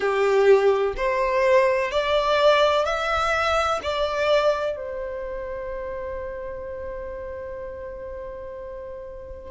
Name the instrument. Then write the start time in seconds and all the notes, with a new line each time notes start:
violin
0.00 G4
0.97 C5
1.90 D5
2.85 E5
3.82 D5
4.76 C5